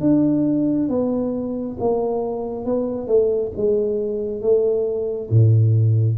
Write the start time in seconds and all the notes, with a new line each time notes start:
0.00 D4
0.89 B3
1.79 A#3
2.65 B3
3.07 A3
3.56 G#3
4.41 A3
5.29 A2